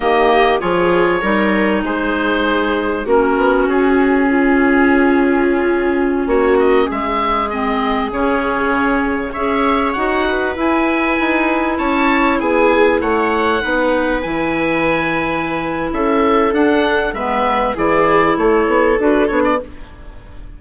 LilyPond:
<<
  \new Staff \with { instrumentName = "oboe" } { \time 4/4 \tempo 4 = 98 dis''4 cis''2 c''4~ | c''4 ais'4 gis'2~ | gis'2~ gis'16 cis''8 dis''8 e''8.~ | e''16 dis''4 cis''2 e''8.~ |
e''16 fis''4 gis''2 a''8.~ | a''16 gis''4 fis''2 gis''8.~ | gis''2 e''4 fis''4 | e''4 d''4 cis''4 b'8 cis''16 d''16 | }
  \new Staff \with { instrumentName = "viola" } { \time 4/4 g'4 gis'4 ais'4 gis'4~ | gis'4 fis'2 f'4~ | f'2~ f'16 fis'4 gis'8.~ | gis'2.~ gis'16 cis''8.~ |
cis''8. b'2~ b'8 cis''8.~ | cis''16 gis'4 cis''4 b'4.~ b'16~ | b'2 a'2 | b'4 gis'4 a'2 | }
  \new Staff \with { instrumentName = "clarinet" } { \time 4/4 ais4 f'4 dis'2~ | dis'4 cis'2.~ | cis'1~ | cis'16 c'4 cis'2 gis'8.~ |
gis'16 fis'4 e'2~ e'8.~ | e'2~ e'16 dis'4 e'8.~ | e'2. d'4 | b4 e'2 fis'8 d'8 | }
  \new Staff \with { instrumentName = "bassoon" } { \time 4/4 dis4 f4 g4 gis4~ | gis4 ais8 b8 cis'2~ | cis'2~ cis'16 ais4 gis8.~ | gis4~ gis16 cis2 cis'8.~ |
cis'16 dis'4 e'4 dis'4 cis'8.~ | cis'16 b4 a4 b4 e8.~ | e2 cis'4 d'4 | gis4 e4 a8 b8 d'8 b8 | }
>>